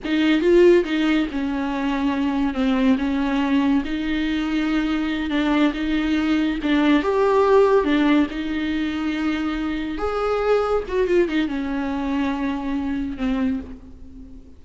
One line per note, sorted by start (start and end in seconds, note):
0.04 0.41 D#4
0.41 0.83 F4
0.84 1.26 D#4
1.31 2.54 C#4
2.54 2.96 C4
2.98 3.83 C#4
3.85 5.30 D#4
5.30 5.72 D4
5.73 6.58 D#4
6.63 7.02 D4
7.02 7.84 G4
7.84 8.26 D4
8.30 9.98 D#4
9.98 10.83 G#4
10.87 11.07 F#4
11.07 11.28 F4
11.28 11.48 D#4
11.48 13.17 C#4
13.17 13.60 C4